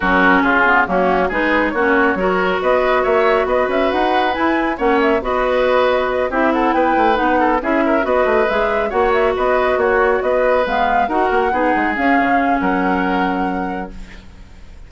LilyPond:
<<
  \new Staff \with { instrumentName = "flute" } { \time 4/4 \tempo 4 = 138 ais'4 gis'4 fis'4 b'4 | cis''2 dis''4 e''4 | dis''8 e''8 fis''4 gis''4 fis''8 e''8 | dis''2~ dis''8 e''8 fis''8 g''8~ |
g''8 fis''4 e''4 dis''4 e''8~ | e''8 fis''8 e''8 dis''4 cis''4 dis''8~ | dis''8 f''4 fis''2 f''8~ | f''4 fis''2. | }
  \new Staff \with { instrumentName = "oboe" } { \time 4/4 fis'4 f'4 cis'4 gis'4 | fis'4 ais'4 b'4 cis''4 | b'2. cis''4 | b'2~ b'8 g'8 a'8 b'8~ |
b'4 a'8 gis'8 ais'8 b'4.~ | b'8 cis''4 b'4 fis'4 b'8~ | b'4. ais'4 gis'4.~ | gis'4 ais'2. | }
  \new Staff \with { instrumentName = "clarinet" } { \time 4/4 cis'4. b8 ais4 dis'4 | cis'4 fis'2.~ | fis'2 e'4 cis'4 | fis'2~ fis'8 e'4.~ |
e'8 dis'4 e'4 fis'4 gis'8~ | gis'8 fis'2.~ fis'8~ | fis'8 b4 fis'4 dis'4 cis'8~ | cis'1 | }
  \new Staff \with { instrumentName = "bassoon" } { \time 4/4 fis4 cis4 fis4 gis4 | ais4 fis4 b4 ais4 | b8 cis'8 dis'4 e'4 ais4 | b2~ b8 c'4 b8 |
a8 b4 cis'4 b8 a8 gis8~ | gis8 ais4 b4 ais4 b8~ | b8 gis4 dis'8 ais8 b8 gis8 cis'8 | cis4 fis2. | }
>>